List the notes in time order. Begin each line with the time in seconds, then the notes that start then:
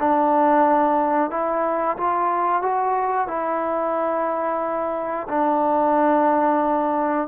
0.00 D4
1.31 E4
1.98 F4
2.62 F#4
3.28 E4
5.29 D4